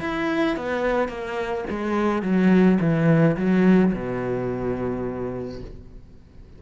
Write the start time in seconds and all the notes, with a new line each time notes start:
0.00 E4
0.56 B3
1.08 A#3
1.70 G#3
2.22 F#3
2.80 E3
3.37 F#3
3.93 B2